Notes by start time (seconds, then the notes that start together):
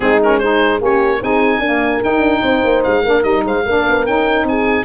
0.00 G#3 C4 D#4 G#4
0.22 C#4 A#4
0.38 D#4 G#4 C5
0.79 A#3 C#4 G4 C#5
1.21 C4 D#4 G#4 G#5
1.58 A#3 D4 A#4
2.02 D#4 G5
2.19 D4
2.42 C4 C5
2.64 A#3
2.83 G#3 F5
3.03 A#3 D4 A#4
3.21 G3 D#4 D#5
3.44 G#3 C5 F5
3.65 A#3 D4 A#4
3.87 B3
4.06 C#4 D#4 G5
4.43 C4 G#4 G#5